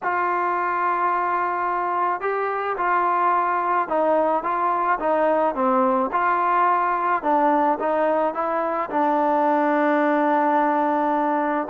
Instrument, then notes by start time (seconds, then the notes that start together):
trombone
0.03 F4
2.20 G4
2.77 F4
3.88 D#4
4.43 F4
4.99 D#4
5.54 C4
6.11 F4
7.22 D4
7.79 D#4
8.34 E4
8.89 D4